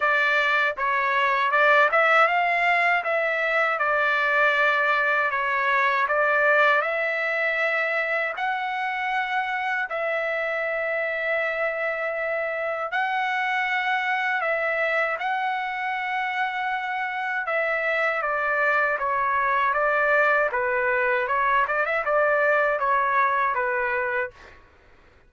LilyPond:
\new Staff \with { instrumentName = "trumpet" } { \time 4/4 \tempo 4 = 79 d''4 cis''4 d''8 e''8 f''4 | e''4 d''2 cis''4 | d''4 e''2 fis''4~ | fis''4 e''2.~ |
e''4 fis''2 e''4 | fis''2. e''4 | d''4 cis''4 d''4 b'4 | cis''8 d''16 e''16 d''4 cis''4 b'4 | }